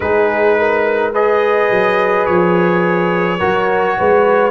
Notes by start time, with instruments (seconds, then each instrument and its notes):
0.00 tuba G#3, trombone D#4, horn G#4, trumpet B4
0.58 horn A#4
1.13 trombone G#4, horn B4, trumpet D#5
1.71 tuba F#3
2.25 tuba F3, trumpet C#5
3.38 tuba F#3, trombone F#4, horn A#4
3.97 tuba G#3, horn B4